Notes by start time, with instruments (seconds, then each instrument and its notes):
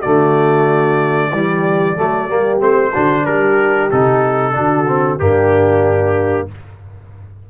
0.00 tuba D3, trombone A3, horn F#4, trumpet D5
1.32 tuba E3, trombone G3, horn G4
1.96 tuba F#3, trombone A3, horn A4
2.28 tuba G3, trombone A#3, horn G4
2.60 tuba A3, trombone C4, trumpet C5
2.92 tuba D3, trombone D4, horn F#4
3.26 tuba G3, horn G4, trumpet A#4
3.91 tuba C3, trombone D#4, trumpet A4
4.53 tuba D3, trombone D4, horn F#4
4.88 trombone C4
5.19 tuba G2, trombone A#3, horn D4, trumpet G4